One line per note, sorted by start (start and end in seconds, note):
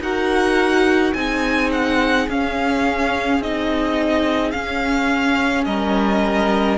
0.00 1.13 D#4
0.00 1.16 F#4
0.00 1.15 A#4
0.00 1.14 F#5
1.14 2.28 C4
1.14 2.29 D#4
1.14 5.67 G#4
1.14 1.70 G#5
1.72 2.29 F#5
2.29 3.40 C#4
2.29 3.43 C#4
2.29 3.43 F5
3.40 4.53 C4
3.40 4.53 D#4
3.40 4.52 D#5
4.52 6.78 C#4
4.52 5.67 C#4
4.52 5.65 F5
5.65 6.78 G3
5.65 6.78 A#4
5.65 6.78 D#5